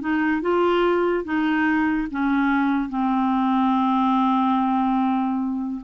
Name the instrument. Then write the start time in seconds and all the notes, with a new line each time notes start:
clarinet
0.00 D#4
0.41 F4
1.24 D#4
2.10 C#4
2.89 C4